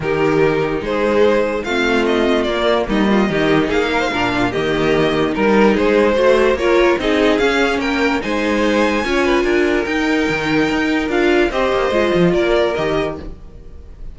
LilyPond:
<<
  \new Staff \with { instrumentName = "violin" } { \time 4/4 \tempo 4 = 146 ais'2 c''2 | f''4 dis''4 d''4 dis''4~ | dis''4 f''2 dis''4~ | dis''4 ais'4 c''2 |
cis''4 dis''4 f''4 g''4 | gis''1 | g''2. f''4 | dis''2 d''4 dis''4 | }
  \new Staff \with { instrumentName = "violin" } { \time 4/4 g'2 gis'2 | f'2. dis'8 f'8 | g'4 gis'8 ais'16 c''16 ais'8 f'8 g'4~ | g'4 ais'4 gis'4 c''4 |
ais'4 gis'2 ais'4 | c''2 cis''8 b'8 ais'4~ | ais'1 | c''2 ais'2 | }
  \new Staff \with { instrumentName = "viola" } { \time 4/4 dis'1 | c'2 ais2 | dis'2 d'4 ais4~ | ais4 dis'2 fis'4 |
f'4 dis'4 cis'2 | dis'2 f'2 | dis'2. f'4 | g'4 f'2 g'4 | }
  \new Staff \with { instrumentName = "cello" } { \time 4/4 dis2 gis2 | a2 ais4 g4 | dis4 ais4 ais,4 dis4~ | dis4 g4 gis4 a4 |
ais4 c'4 cis'4 ais4 | gis2 cis'4 d'4 | dis'4 dis4 dis'4 d'4 | c'8 ais8 gis8 f8 ais4 dis4 | }
>>